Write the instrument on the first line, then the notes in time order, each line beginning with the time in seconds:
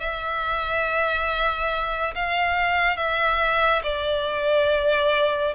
violin
0.00 E5
2.15 F5
2.97 E5
3.83 D5